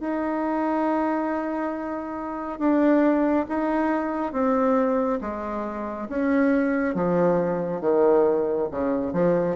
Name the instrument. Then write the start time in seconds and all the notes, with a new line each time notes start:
bassoon
0.00 D#4
2.58 D4
3.48 D#4
4.32 C4
5.21 G#3
6.09 C#4
6.94 F3
7.81 D#3
8.71 C#3
9.13 F3